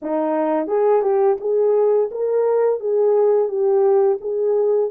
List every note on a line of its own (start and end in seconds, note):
0.02 0.67 D#4
0.67 1.01 G#4
1.01 1.36 G4
1.40 2.10 G#4
2.11 2.79 A#4
2.79 3.48 G#4
3.48 4.18 G4
4.21 4.90 G#4